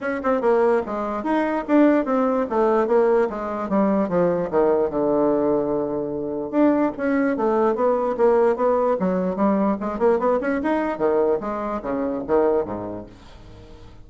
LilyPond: \new Staff \with { instrumentName = "bassoon" } { \time 4/4 \tempo 4 = 147 cis'8 c'8 ais4 gis4 dis'4 | d'4 c'4 a4 ais4 | gis4 g4 f4 dis4 | d1 |
d'4 cis'4 a4 b4 | ais4 b4 fis4 g4 | gis8 ais8 b8 cis'8 dis'4 dis4 | gis4 cis4 dis4 gis,4 | }